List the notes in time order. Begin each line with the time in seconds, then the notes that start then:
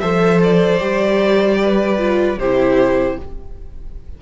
0.00 F3 A4 C5 E5
0.43 D5
0.79 G3 G4
1.63 B4
1.98 F4
2.38 C3 E4 G4 C5